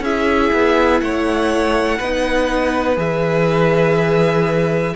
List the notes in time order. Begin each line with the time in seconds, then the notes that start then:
0.00 C#4 E4 G#4 E5
0.52 B3
1.00 A3 C#5 F#5
1.98 B3 D#4 B4
2.96 E3 G#4 E5